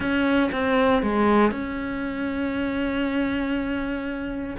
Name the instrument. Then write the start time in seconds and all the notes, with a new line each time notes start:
cello
0.00 C#4
0.52 C4
1.02 G#3
1.51 C#4